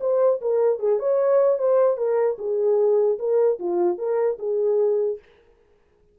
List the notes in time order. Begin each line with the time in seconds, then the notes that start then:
0.00 C5
0.41 A#4
0.79 G#4
0.99 C#5
1.58 C5
1.97 A#4
2.38 G#4
3.19 A#4
3.59 F4
3.98 A#4
4.39 G#4